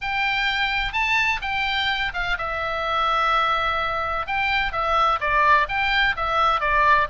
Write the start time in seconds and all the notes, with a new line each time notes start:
0.01 G5
0.93 A5
1.41 G5
2.13 F5
2.38 E5
4.26 G5
4.72 E5
5.20 D5
5.68 G5
6.16 E5
6.60 D5